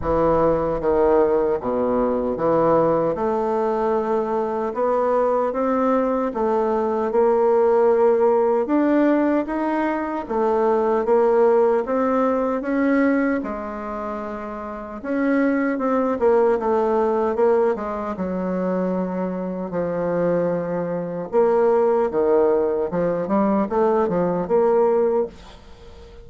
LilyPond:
\new Staff \with { instrumentName = "bassoon" } { \time 4/4 \tempo 4 = 76 e4 dis4 b,4 e4 | a2 b4 c'4 | a4 ais2 d'4 | dis'4 a4 ais4 c'4 |
cis'4 gis2 cis'4 | c'8 ais8 a4 ais8 gis8 fis4~ | fis4 f2 ais4 | dis4 f8 g8 a8 f8 ais4 | }